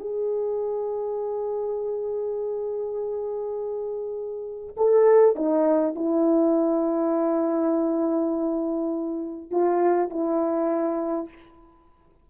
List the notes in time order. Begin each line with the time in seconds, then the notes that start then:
0.00 G#4
4.77 A4
5.36 D#4
5.96 E4
9.51 F4
10.10 E4